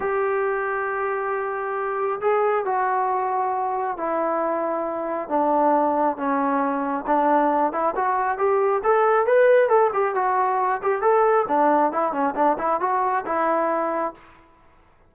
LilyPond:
\new Staff \with { instrumentName = "trombone" } { \time 4/4 \tempo 4 = 136 g'1~ | g'4 gis'4 fis'2~ | fis'4 e'2. | d'2 cis'2 |
d'4. e'8 fis'4 g'4 | a'4 b'4 a'8 g'8 fis'4~ | fis'8 g'8 a'4 d'4 e'8 cis'8 | d'8 e'8 fis'4 e'2 | }